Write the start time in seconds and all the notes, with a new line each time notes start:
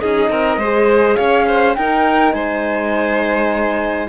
0.00 C#4 D#4 G#4 D#5
0.30 C4 A#4
0.58 G#3 G#4 C5
1.16 C#4 C#5 F5
1.48 C5
1.75 D#4 A#4 G5
2.32 G#3 C5 G#5